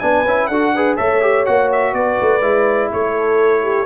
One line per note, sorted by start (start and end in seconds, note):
0.00 0.25 B3
0.00 0.26 D4
0.00 0.49 B4
0.00 0.47 G#5
0.25 0.49 C#4
0.25 0.52 E4
0.47 0.97 D4
0.47 0.77 F#4
0.47 0.73 A4
0.47 0.95 F#5
0.75 0.98 G#4
0.75 0.97 B4
0.97 1.48 A3
0.97 1.22 A4
0.97 1.94 C#5
0.97 1.46 E5
1.22 1.46 G4
1.46 1.94 A#3
1.46 2.42 F#4
1.46 1.70 F#5
1.72 1.94 E5
1.94 2.18 B3
1.94 2.91 B4
1.94 2.91 D5
2.21 2.42 A3
2.42 2.90 G#3
2.42 3.86 E4
2.93 3.86 A3
2.93 3.63 A4
2.93 3.86 C#5
3.63 3.86 G4